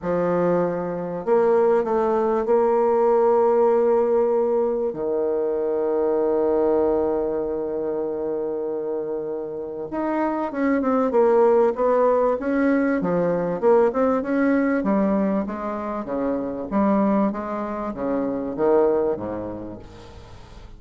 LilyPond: \new Staff \with { instrumentName = "bassoon" } { \time 4/4 \tempo 4 = 97 f2 ais4 a4 | ais1 | dis1~ | dis1 |
dis'4 cis'8 c'8 ais4 b4 | cis'4 f4 ais8 c'8 cis'4 | g4 gis4 cis4 g4 | gis4 cis4 dis4 gis,4 | }